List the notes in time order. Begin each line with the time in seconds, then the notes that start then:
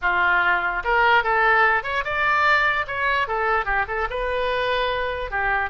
0.01 F4
0.83 A#4
1.23 A4
1.83 C#5
2.04 D5
2.87 C#5
3.27 A4
3.65 G4
3.87 A4
4.10 B4
5.31 G4